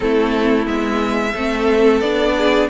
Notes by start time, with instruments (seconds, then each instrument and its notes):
0.00 cello A3, viola C4, violin E4 A4
0.66 cello G#3, viola B3, violin E5
1.33 cello A3, viola C4, violin A4
2.00 cello B3, viola D4, violin D5
2.37 violin G#4